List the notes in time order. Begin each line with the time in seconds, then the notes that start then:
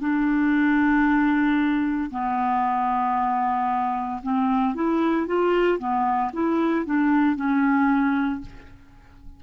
0.00 D4
2.11 B3
4.23 C4
4.75 E4
5.27 F4
5.79 B3
6.33 E4
6.86 D4
7.36 C#4